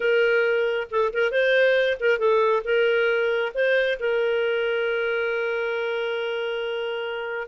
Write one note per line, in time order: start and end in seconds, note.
0.00 0.87 A#4
0.90 1.12 A4
1.13 1.31 A#4
1.31 1.97 C5
2.00 2.18 A#4
2.18 2.62 A4
2.64 3.52 A#4
3.54 3.98 C5
3.99 7.48 A#4